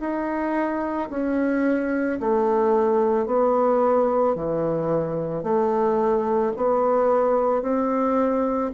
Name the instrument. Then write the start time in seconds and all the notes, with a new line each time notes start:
bassoon
0.00 D#4
1.10 C#4
2.20 A3
3.26 B3
4.35 E3
5.43 A3
6.57 B3
7.62 C4